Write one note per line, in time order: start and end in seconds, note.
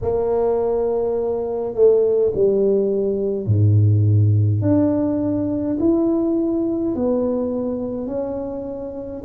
0.01 1.74 A#3
1.74 2.32 A3
2.34 3.46 G3
3.46 4.62 G#2
4.62 5.77 D4
5.79 6.94 E4
6.95 8.07 B3
8.07 9.22 C#4